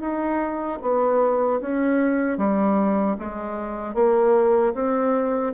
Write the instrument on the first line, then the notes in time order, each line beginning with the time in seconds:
bassoon
0.00 D#4
0.82 B3
1.61 C#4
2.38 G3
3.19 G#3
3.95 A#3
4.74 C4